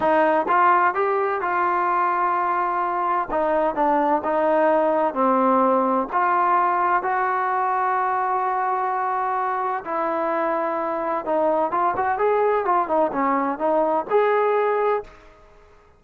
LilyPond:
\new Staff \with { instrumentName = "trombone" } { \time 4/4 \tempo 4 = 128 dis'4 f'4 g'4 f'4~ | f'2. dis'4 | d'4 dis'2 c'4~ | c'4 f'2 fis'4~ |
fis'1~ | fis'4 e'2. | dis'4 f'8 fis'8 gis'4 f'8 dis'8 | cis'4 dis'4 gis'2 | }